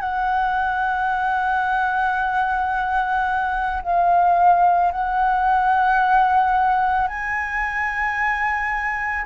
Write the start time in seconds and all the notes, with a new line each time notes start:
0.00 F#5
3.82 F5
4.91 F#5
7.07 G#5